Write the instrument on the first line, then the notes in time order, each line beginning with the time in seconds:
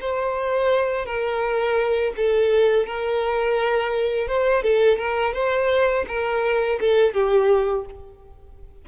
violin
0.00 C5
1.05 A#4
2.16 A4
2.86 A#4
4.27 C5
4.62 A4
4.98 A#4
5.33 C5
6.07 A#4
6.80 A4
7.13 G4